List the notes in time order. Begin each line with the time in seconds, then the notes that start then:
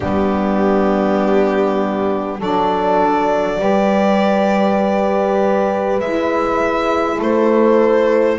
0.00 G3 B3 D4 G4
2.39 F#3 D4 A4 D5
3.59 G3 G4 B4
6.00 G#3 E4 E5
7.17 A3 A4 C5